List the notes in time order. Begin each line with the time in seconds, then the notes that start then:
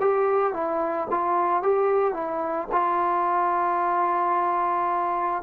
0.00 G4
0.54 E4
1.10 F4
1.63 G4
2.13 E4
2.72 F4